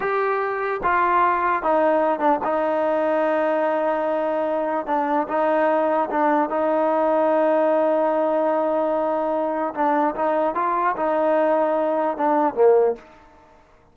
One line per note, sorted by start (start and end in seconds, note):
0.00 0.81 G4
0.83 1.62 F4
1.62 2.19 D#4
2.19 2.39 D4
2.44 4.86 D#4
4.86 5.27 D4
5.28 6.09 D#4
6.10 6.49 D4
6.49 9.74 D#4
9.74 10.14 D4
10.15 10.55 D#4
10.55 10.95 F4
10.96 12.17 D#4
12.17 12.54 D4
12.54 12.95 A#3